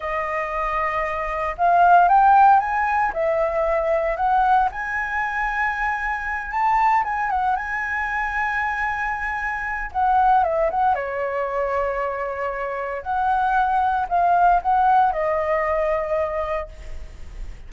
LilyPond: \new Staff \with { instrumentName = "flute" } { \time 4/4 \tempo 4 = 115 dis''2. f''4 | g''4 gis''4 e''2 | fis''4 gis''2.~ | gis''8 a''4 gis''8 fis''8 gis''4.~ |
gis''2. fis''4 | e''8 fis''8 cis''2.~ | cis''4 fis''2 f''4 | fis''4 dis''2. | }